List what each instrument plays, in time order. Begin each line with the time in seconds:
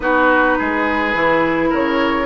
0.00 bassoon B3, clarinet D#4, oboe F#4, flute B4
0.58 bassoon G#3, oboe G#4
1.14 bassoon E3, clarinet E4
1.69 bassoon C#3, oboe A#4, flute C#5